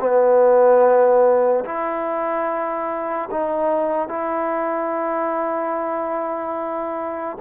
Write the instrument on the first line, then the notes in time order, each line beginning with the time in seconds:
trombone
0.00 B3
1.64 E4
3.31 D#4
4.08 E4